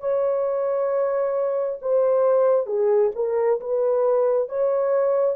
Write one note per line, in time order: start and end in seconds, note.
0.00 1.79 C#5
1.82 2.66 C5
2.66 3.11 G#4
3.15 3.60 A#4
3.60 4.49 B4
4.49 5.36 C#5